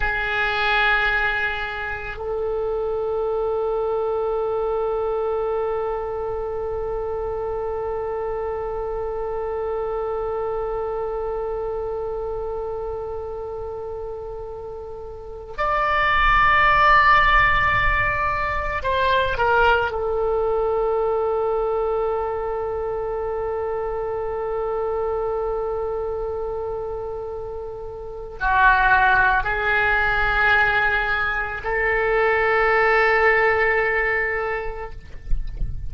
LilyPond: \new Staff \with { instrumentName = "oboe" } { \time 4/4 \tempo 4 = 55 gis'2 a'2~ | a'1~ | a'1~ | a'2~ a'16 d''4.~ d''16~ |
d''4~ d''16 c''8 ais'8 a'4.~ a'16~ | a'1~ | a'2 fis'4 gis'4~ | gis'4 a'2. | }